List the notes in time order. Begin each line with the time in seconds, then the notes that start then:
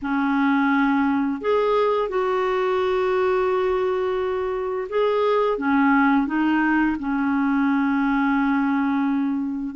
0.02 C#4
1.41 G#4
2.08 F#4
4.89 G#4
5.58 C#4
6.27 D#4
6.99 C#4